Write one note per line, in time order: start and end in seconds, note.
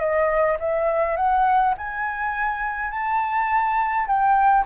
0.00 0.58 D#5
0.60 1.17 E5
1.17 1.75 F#5
1.78 2.91 G#5
2.91 4.07 A5
4.07 4.65 G5